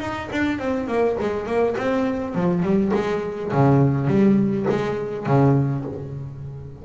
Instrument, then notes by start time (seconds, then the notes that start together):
double bass
0.00 D#4
0.32 D4
0.59 C4
0.88 A#3
1.20 G#3
1.46 A#3
1.77 C4
2.35 F3
2.63 G3
2.94 G#3
3.52 C#3
4.08 G3
4.69 G#3
5.26 C#3